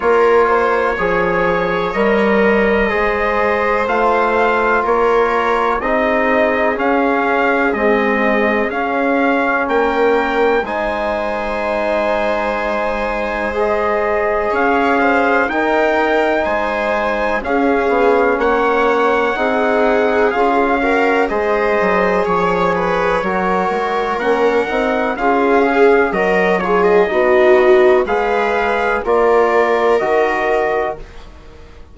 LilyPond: <<
  \new Staff \with { instrumentName = "trumpet" } { \time 4/4 \tempo 4 = 62 cis''2 dis''2 | f''4 cis''4 dis''4 f''4 | dis''4 f''4 g''4 gis''4~ | gis''2 dis''4 f''4 |
g''4 gis''4 f''4 fis''4~ | fis''4 f''4 dis''4 cis''4~ | cis''4 fis''4 f''4 dis''8 cis''16 dis''16~ | dis''4 f''4 d''4 dis''4 | }
  \new Staff \with { instrumentName = "viola" } { \time 4/4 ais'8 c''8 cis''2 c''4~ | c''4 ais'4 gis'2~ | gis'2 ais'4 c''4~ | c''2. cis''8 c''8 |
ais'4 c''4 gis'4 cis''4 | gis'4. ais'8 c''4 cis''8 b'8 | ais'2 gis'4 ais'8 gis'8 | fis'4 b'4 ais'2 | }
  \new Staff \with { instrumentName = "trombone" } { \time 4/4 f'4 gis'4 ais'4 gis'4 | f'2 dis'4 cis'4 | gis4 cis'2 dis'4~ | dis'2 gis'2 |
dis'2 cis'2 | dis'4 f'8 fis'8 gis'2 | fis'4 cis'8 dis'8 f'8 gis'8 fis'8 f'8 | dis'4 gis'4 f'4 fis'4 | }
  \new Staff \with { instrumentName = "bassoon" } { \time 4/4 ais4 f4 g4 gis4 | a4 ais4 c'4 cis'4 | c'4 cis'4 ais4 gis4~ | gis2. cis'4 |
dis'4 gis4 cis'8 b8 ais4 | c'4 cis'4 gis8 fis8 f4 | fis8 gis8 ais8 c'8 cis'4 fis4 | b4 gis4 ais4 dis4 | }
>>